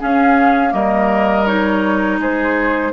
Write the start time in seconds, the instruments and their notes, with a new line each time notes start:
0.00 clarinet C#4, bassoon C#4, oboe G#4, flute F5
0.70 bassoon G3, clarinet A#3, oboe A#4, flute D#5
1.46 clarinet D#4, flute C#5
2.19 bassoon G#3, oboe G#4, flute C5